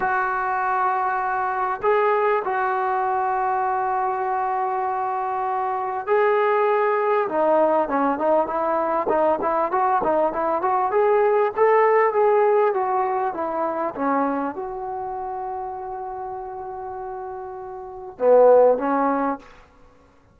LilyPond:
\new Staff \with { instrumentName = "trombone" } { \time 4/4 \tempo 4 = 99 fis'2. gis'4 | fis'1~ | fis'2 gis'2 | dis'4 cis'8 dis'8 e'4 dis'8 e'8 |
fis'8 dis'8 e'8 fis'8 gis'4 a'4 | gis'4 fis'4 e'4 cis'4 | fis'1~ | fis'2 b4 cis'4 | }